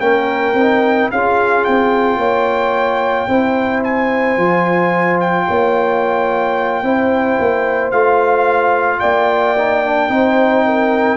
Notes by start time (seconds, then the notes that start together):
0.00 A#3 C#4 A#4 G5
0.54 C4 D#4
1.11 C#4 F4 G#4 F5
1.64 C4 G5
2.17 A#3 C#5
3.28 C4 E4 C5
3.84 G#5
4.37 F3 F4
5.20 G5
5.47 A#3 C#5
6.82 C4 E4 C5
7.39 A#3
7.91 A3 F4 F5
9.00 A#3 D5 G5
9.58 D#4
9.85 D4
10.09 C4 D#4 C5
10.65 A#4